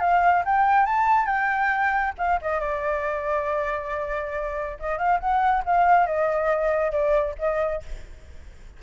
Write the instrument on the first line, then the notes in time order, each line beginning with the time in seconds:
flute
0.00 F5
0.45 G5
0.86 A5
1.26 G5
2.18 F5
2.42 D#5
2.60 D5
4.79 D#5
4.98 F5
5.20 F#5
5.65 F5
6.07 D#5
6.92 D5
7.39 D#5